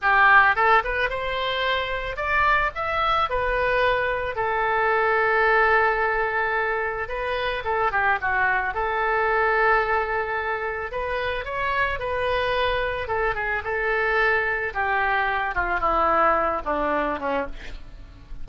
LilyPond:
\new Staff \with { instrumentName = "oboe" } { \time 4/4 \tempo 4 = 110 g'4 a'8 b'8 c''2 | d''4 e''4 b'2 | a'1~ | a'4 b'4 a'8 g'8 fis'4 |
a'1 | b'4 cis''4 b'2 | a'8 gis'8 a'2 g'4~ | g'8 f'8 e'4. d'4 cis'8 | }